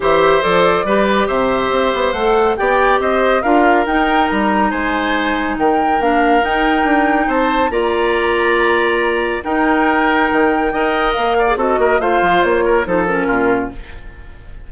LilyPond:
<<
  \new Staff \with { instrumentName = "flute" } { \time 4/4 \tempo 4 = 140 e''4 d''2 e''4~ | e''4 fis''4 g''4 dis''4 | f''4 g''4 ais''4 gis''4~ | gis''4 g''4 f''4 g''4~ |
g''4 a''4 ais''2~ | ais''2 g''2~ | g''2 f''4 dis''4 | f''4 cis''4 c''8 ais'4. | }
  \new Staff \with { instrumentName = "oboe" } { \time 4/4 c''2 b'4 c''4~ | c''2 d''4 c''4 | ais'2. c''4~ | c''4 ais'2.~ |
ais'4 c''4 d''2~ | d''2 ais'2~ | ais'4 dis''4. d''8 a'8 ais'8 | c''4. ais'8 a'4 f'4 | }
  \new Staff \with { instrumentName = "clarinet" } { \time 4/4 g'4 a'4 g'2~ | g'4 a'4 g'2 | f'4 dis'2.~ | dis'2 d'4 dis'4~ |
dis'2 f'2~ | f'2 dis'2~ | dis'4 ais'4.~ ais'16 gis'16 fis'4 | f'2 dis'8 cis'4. | }
  \new Staff \with { instrumentName = "bassoon" } { \time 4/4 e4 f4 g4 c4 | c'8 b8 a4 b4 c'4 | d'4 dis'4 g4 gis4~ | gis4 dis4 ais4 dis'4 |
d'4 c'4 ais2~ | ais2 dis'2 | dis4 dis'4 ais4 c'8 ais8 | a8 f8 ais4 f4 ais,4 | }
>>